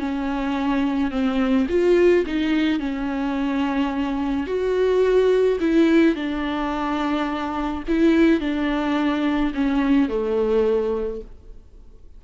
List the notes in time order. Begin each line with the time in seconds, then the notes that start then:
0.00 C#4
1.11 C4
1.69 F4
2.27 D#4
2.80 C#4
4.47 F#4
5.60 E4
6.16 D4
7.88 E4
8.41 D4
9.55 C#4
10.09 A3